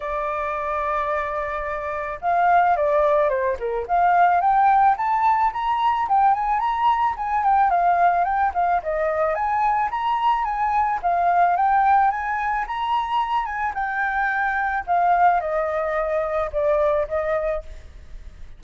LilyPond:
\new Staff \with { instrumentName = "flute" } { \time 4/4 \tempo 4 = 109 d''1 | f''4 d''4 c''8 ais'8 f''4 | g''4 a''4 ais''4 g''8 gis''8 | ais''4 gis''8 g''8 f''4 g''8 f''8 |
dis''4 gis''4 ais''4 gis''4 | f''4 g''4 gis''4 ais''4~ | ais''8 gis''8 g''2 f''4 | dis''2 d''4 dis''4 | }